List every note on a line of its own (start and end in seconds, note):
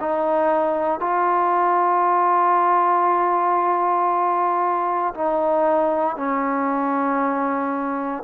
0.00 1.00 D#4
1.00 5.14 F4
5.14 6.16 D#4
6.16 8.23 C#4